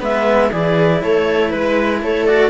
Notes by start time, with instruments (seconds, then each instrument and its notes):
0.00 cello G#3 B3, viola B4, clarinet E5
0.51 cello E3 E4, viola G#4, clarinet D5
1.03 cello A3, viola A4, clarinet C#5
1.50 cello G#3, clarinet B4, viola B4
2.02 cello A3, viola A4, clarinet C#5
2.26 cello F#4, clarinet D5